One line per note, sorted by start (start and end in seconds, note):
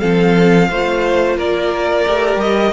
0.00 0.70 F3
0.00 0.68 C4
0.00 0.68 A4
0.00 1.36 F5
0.70 1.37 A3
0.70 2.07 F4
0.70 1.38 C5
1.37 2.06 A#3
1.37 2.73 A#4
1.37 2.40 D5
2.07 2.37 A3
2.07 2.73 G4
2.37 2.71 G3
2.37 2.73 D#5